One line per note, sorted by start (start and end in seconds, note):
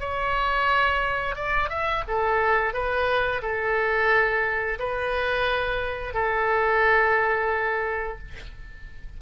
0.00 1.36 C#5
1.36 1.70 D5
1.70 2.04 E5
2.08 2.74 A4
2.74 3.42 B4
3.42 4.79 A4
4.79 6.14 B4
6.14 8.18 A4